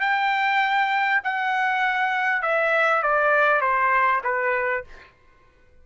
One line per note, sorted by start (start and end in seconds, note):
0.00 1.21 G5
1.24 2.42 F#5
2.42 3.03 E5
3.03 3.61 D5
3.61 4.21 C5
4.24 4.84 B4